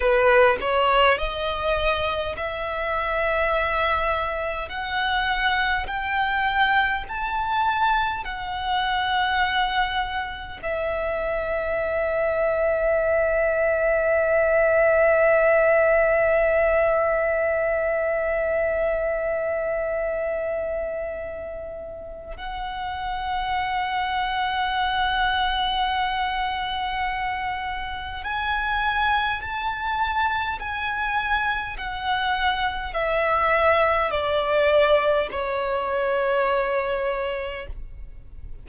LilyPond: \new Staff \with { instrumentName = "violin" } { \time 4/4 \tempo 4 = 51 b'8 cis''8 dis''4 e''2 | fis''4 g''4 a''4 fis''4~ | fis''4 e''2.~ | e''1~ |
e''2. fis''4~ | fis''1 | gis''4 a''4 gis''4 fis''4 | e''4 d''4 cis''2 | }